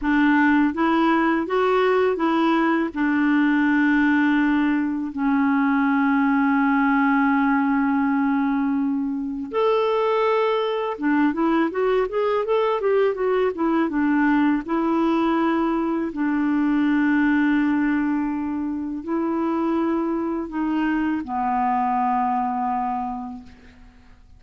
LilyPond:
\new Staff \with { instrumentName = "clarinet" } { \time 4/4 \tempo 4 = 82 d'4 e'4 fis'4 e'4 | d'2. cis'4~ | cis'1~ | cis'4 a'2 d'8 e'8 |
fis'8 gis'8 a'8 g'8 fis'8 e'8 d'4 | e'2 d'2~ | d'2 e'2 | dis'4 b2. | }